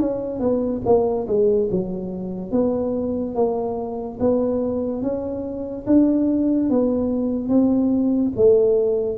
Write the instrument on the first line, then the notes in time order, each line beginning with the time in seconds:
tuba
0.00 C#4
0.40 B3
0.86 A#3
1.27 G#3
1.71 F#3
2.52 B3
3.35 A#3
4.20 B3
5.02 C#4
5.87 D4
6.70 B3
7.49 C4
8.36 A3